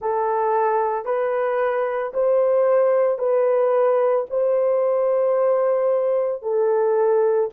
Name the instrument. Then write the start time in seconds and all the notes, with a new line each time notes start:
horn
0.01 A4
1.05 B4
2.13 C5
3.18 B4
4.30 C5
6.42 A4